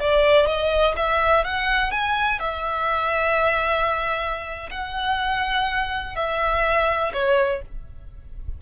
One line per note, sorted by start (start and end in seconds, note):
0.00 0.47 D5
0.47 0.95 D#5
0.97 1.45 E5
1.45 1.91 F#5
1.91 2.40 G#5
2.40 4.70 E5
4.71 6.16 F#5
6.16 7.13 E5
7.13 7.62 C#5